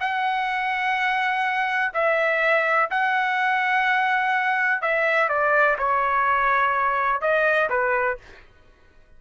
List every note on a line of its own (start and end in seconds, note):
0.00 1.92 F#5
1.94 2.90 E5
2.90 4.82 F#5
4.82 5.29 E5
5.29 5.77 D5
5.78 7.21 C#5
7.21 7.69 D#5
7.70 8.18 B4